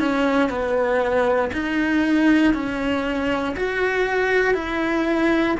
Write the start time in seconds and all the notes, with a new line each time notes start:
0.00 C#4
0.50 B3
1.53 D#4
2.54 C#4
3.56 F#4
4.54 E4